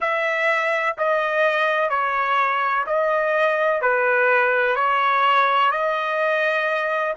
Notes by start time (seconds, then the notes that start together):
0.00 E5
0.97 D#5
1.89 C#5
2.86 D#5
3.81 B4
4.75 C#5
5.71 D#5